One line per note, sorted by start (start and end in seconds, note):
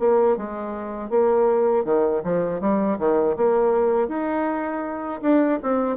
0.00 0.37 A#3
0.37 1.10 G#3
1.10 1.85 A#3
1.85 2.23 D#3
2.24 2.61 F3
2.61 2.98 G3
2.99 3.36 D#3
3.37 4.09 A#3
4.09 5.21 D#4
5.22 5.60 D4
5.63 5.97 C4